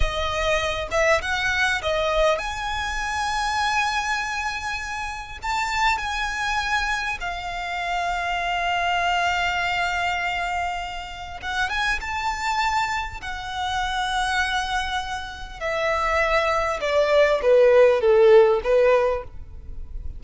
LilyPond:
\new Staff \with { instrumentName = "violin" } { \time 4/4 \tempo 4 = 100 dis''4. e''8 fis''4 dis''4 | gis''1~ | gis''4 a''4 gis''2 | f''1~ |
f''2. fis''8 gis''8 | a''2 fis''2~ | fis''2 e''2 | d''4 b'4 a'4 b'4 | }